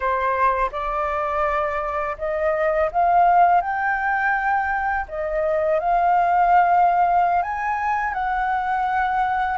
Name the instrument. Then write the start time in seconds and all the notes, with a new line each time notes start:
flute
0.00 C5
0.71 D5
2.18 D#5
2.91 F5
3.61 G5
5.08 D#5
5.79 F5
7.42 G#5
8.13 F#5